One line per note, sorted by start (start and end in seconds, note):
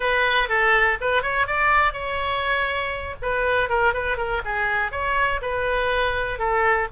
0.00 0.48 B4
0.48 0.97 A4
1.00 1.22 B4
1.22 1.46 C#5
1.46 1.92 D5
1.92 3.15 C#5
3.21 3.69 B4
3.69 3.93 A#4
3.93 4.17 B4
4.17 4.41 A#4
4.44 4.91 G#4
4.91 5.40 C#5
5.41 6.38 B4
6.38 6.87 A4